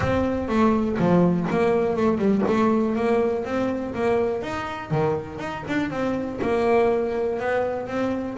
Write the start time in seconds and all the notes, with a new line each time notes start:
0.00 C4
0.48 A3
0.99 F3
1.50 A#3
1.96 A3
2.18 G3
2.47 A3
2.95 A#3
3.44 C4
3.94 A#3
4.42 D#4
4.90 D#3
5.39 D#4
5.68 D4
5.90 C4
6.41 A#3
7.39 B3
7.87 C4